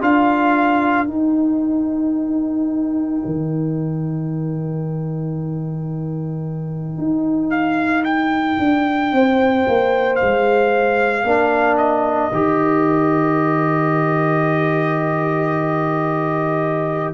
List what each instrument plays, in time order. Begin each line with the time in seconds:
0.00 tuba D4, trombone F4, horn A#4, trumpet F5
1.06 trombone D#4, tuba D#4, trumpet G5
3.25 tuba D#3
6.97 tuba D#4
7.50 trumpet F5
8.04 trumpet G5
8.58 tuba D4
9.12 tuba C4, horn C5
9.67 tuba A#3
10.15 trumpet F5
10.21 tuba G#3
11.23 tuba A#3, trombone D4, horn A#4
11.77 trumpet D#5
12.31 tuba D#3, trombone G4